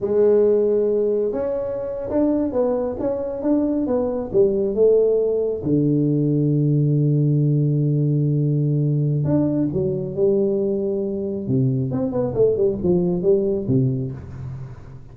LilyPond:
\new Staff \with { instrumentName = "tuba" } { \time 4/4 \tempo 4 = 136 gis2. cis'4~ | cis'8. d'4 b4 cis'4 d'16~ | d'8. b4 g4 a4~ a16~ | a8. d2.~ d16~ |
d1~ | d4 d'4 fis4 g4~ | g2 c4 c'8 b8 | a8 g8 f4 g4 c4 | }